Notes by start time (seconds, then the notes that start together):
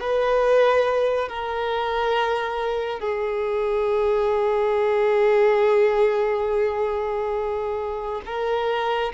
0.00 B4
1.28 A#4
3.00 G#4
8.26 A#4